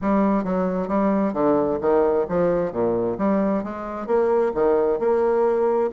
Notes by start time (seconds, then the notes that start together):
0.01 G3
0.44 F#3
0.87 G3
1.33 D3
1.80 D#3
2.29 F3
2.71 A#2
3.18 G3
3.63 G#3
4.06 A#3
4.54 D#3
4.99 A#3